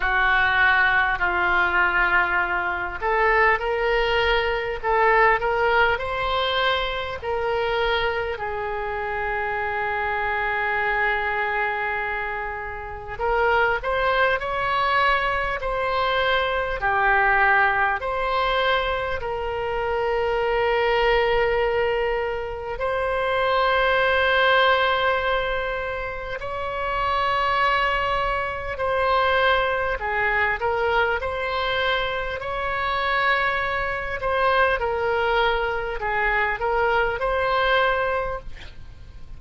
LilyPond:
\new Staff \with { instrumentName = "oboe" } { \time 4/4 \tempo 4 = 50 fis'4 f'4. a'8 ais'4 | a'8 ais'8 c''4 ais'4 gis'4~ | gis'2. ais'8 c''8 | cis''4 c''4 g'4 c''4 |
ais'2. c''4~ | c''2 cis''2 | c''4 gis'8 ais'8 c''4 cis''4~ | cis''8 c''8 ais'4 gis'8 ais'8 c''4 | }